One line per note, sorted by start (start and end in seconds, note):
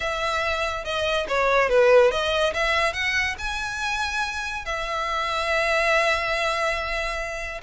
0.00 0.84 E5
0.84 1.26 D#5
1.28 1.69 C#5
1.69 2.11 B4
2.11 2.53 D#5
2.53 2.93 E5
2.93 3.35 F#5
3.38 4.65 G#5
4.65 7.61 E5